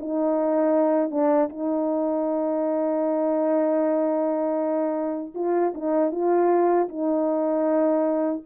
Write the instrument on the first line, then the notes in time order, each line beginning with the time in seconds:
horn
0.00 D#4
1.10 D4
1.49 D#4
5.35 F4
5.74 D#4
6.12 F4
6.88 D#4